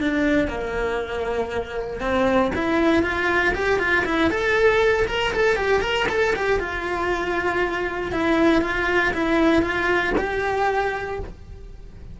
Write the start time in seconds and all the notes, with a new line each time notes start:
0.00 D4
0.48 A#3
2.00 C4
2.55 E4
3.03 F4
3.54 G4
3.79 F4
4.05 E4
4.30 A4
5.07 A#4
5.33 A4
5.56 G4
5.81 A#4
6.09 A4
6.35 G4
6.59 F4
8.12 E4
8.62 F4
9.13 E4
9.62 F4
10.17 G4